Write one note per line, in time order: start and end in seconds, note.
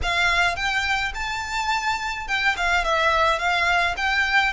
0.02 0.55 F5
0.55 1.12 G5
1.14 2.27 A5
2.27 2.55 G5
2.57 2.84 F5
2.84 3.38 E5
3.38 3.95 F5
3.96 4.53 G5